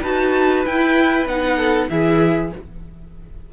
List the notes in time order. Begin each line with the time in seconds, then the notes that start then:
0.00 D#4 F#4 B4 A5
0.65 E4 G5
1.26 B3 D#4 F#5
1.56 A4
1.90 E3 E4 G#4 E5